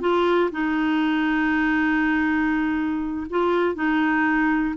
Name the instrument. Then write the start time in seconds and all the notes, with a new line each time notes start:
clarinet
0.00 F4
0.52 D#4
3.30 F4
3.75 D#4